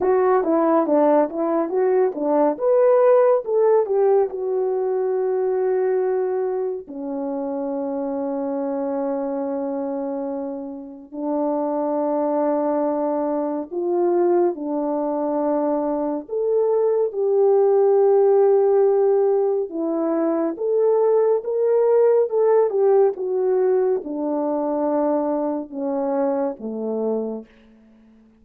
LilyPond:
\new Staff \with { instrumentName = "horn" } { \time 4/4 \tempo 4 = 70 fis'8 e'8 d'8 e'8 fis'8 d'8 b'4 | a'8 g'8 fis'2. | cis'1~ | cis'4 d'2. |
f'4 d'2 a'4 | g'2. e'4 | a'4 ais'4 a'8 g'8 fis'4 | d'2 cis'4 a4 | }